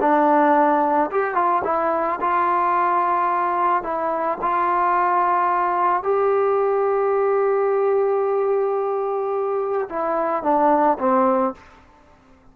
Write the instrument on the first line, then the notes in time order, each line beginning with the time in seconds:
trombone
0.00 D4
1.11 G4
1.35 F4
1.64 E4
2.20 F4
3.83 E4
4.41 F4
6.03 G4
9.89 E4
10.43 D4
10.99 C4